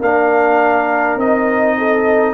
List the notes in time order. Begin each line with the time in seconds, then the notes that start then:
0.00 A#3 D4 A#4 F5
1.15 C4 D#4 D#5
1.78 A4